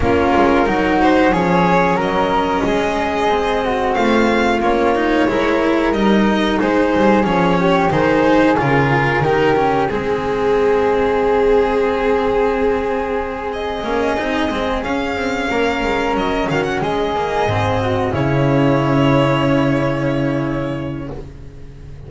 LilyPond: <<
  \new Staff \with { instrumentName = "violin" } { \time 4/4 \tempo 4 = 91 ais'4. c''8 cis''4 dis''4~ | dis''2 f''4 cis''4~ | cis''4 dis''4 c''4 cis''4 | c''4 ais'2 gis'4~ |
gis'1~ | gis'8 dis''2 f''4.~ | f''8 dis''8 f''16 fis''16 dis''2 cis''8~ | cis''1 | }
  \new Staff \with { instrumentName = "flute" } { \time 4/4 f'4 fis'4 gis'4 ais'4 | gis'4. fis'8 f'2 | ais'2 gis'4. g'8 | gis'2 g'4 gis'4~ |
gis'1~ | gis'2.~ gis'8 ais'8~ | ais'4 fis'8 gis'4. fis'8 e'8~ | e'1 | }
  \new Staff \with { instrumentName = "cello" } { \time 4/4 cis'4 dis'4 cis'2~ | cis'4 c'2 cis'8 dis'8 | e'4 dis'2 cis'4 | dis'4 f'4 dis'8 cis'8 c'4~ |
c'1~ | c'4 cis'8 dis'8 c'8 cis'4.~ | cis'2 ais8 c'4 cis'8~ | cis'1 | }
  \new Staff \with { instrumentName = "double bass" } { \time 4/4 ais8 gis8 fis4 f4 fis4 | gis2 a4 ais4 | gis4 g4 gis8 g8 f4 | dis4 cis4 dis4 gis4~ |
gis1~ | gis4 ais8 c'8 gis8 cis'8 c'8 ais8 | gis8 fis8 dis8 gis4 gis,4 cis8~ | cis1 | }
>>